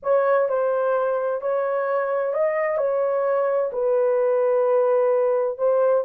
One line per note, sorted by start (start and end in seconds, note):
0.03 0.48 C#5
0.48 1.41 C5
1.41 2.33 C#5
2.33 2.77 D#5
2.77 3.70 C#5
3.72 5.58 B4
5.58 6.04 C5